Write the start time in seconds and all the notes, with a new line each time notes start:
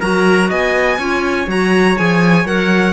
0.00 F#3 F#4 A#4 A#5
0.49 B3 D#5 G#5
0.98 C#4 F4 C#5
1.47 F#3 F#4 A#5
1.96 F3 G#4 G#5
2.45 F#3 A#4 F#5